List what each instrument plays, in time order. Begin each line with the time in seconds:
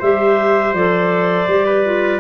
0.00 tuba G3, clarinet G4 E5, trumpet C5
0.73 tuba F3, clarinet A4 D5
1.48 tuba G3, clarinet G4
1.66 trumpet B4
1.85 clarinet F4